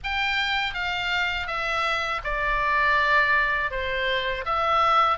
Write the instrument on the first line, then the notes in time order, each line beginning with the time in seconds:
oboe
0.03 G5
0.73 F5
1.47 E5
2.24 D5
3.70 C5
4.45 E5